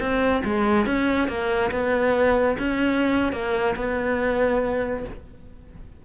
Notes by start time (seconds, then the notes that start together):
0.00 C4
0.44 G#3
0.86 C#4
1.28 A#3
1.71 B3
2.58 C#4
3.32 A#3
3.76 B3